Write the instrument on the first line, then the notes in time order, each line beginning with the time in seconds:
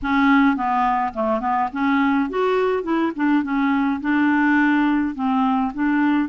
clarinet
0.02 C#4
0.56 B3
1.13 A3
1.40 B3
1.72 C#4
2.29 F#4
2.83 E4
3.15 D4
3.43 C#4
4.00 D4
5.15 C4
5.74 D4